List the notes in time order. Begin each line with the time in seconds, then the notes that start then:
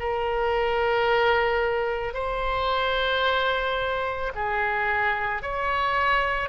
0.00 A#4
2.14 C5
4.35 G#4
5.43 C#5